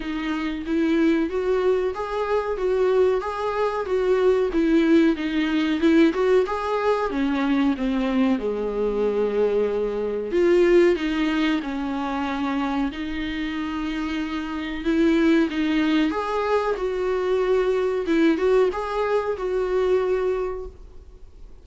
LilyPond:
\new Staff \with { instrumentName = "viola" } { \time 4/4 \tempo 4 = 93 dis'4 e'4 fis'4 gis'4 | fis'4 gis'4 fis'4 e'4 | dis'4 e'8 fis'8 gis'4 cis'4 | c'4 gis2. |
f'4 dis'4 cis'2 | dis'2. e'4 | dis'4 gis'4 fis'2 | e'8 fis'8 gis'4 fis'2 | }